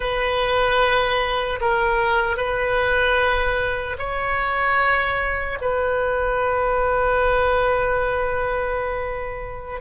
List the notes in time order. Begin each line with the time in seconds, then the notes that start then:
0.00 B4
1.60 A#4
2.36 B4
3.98 C#5
5.61 B4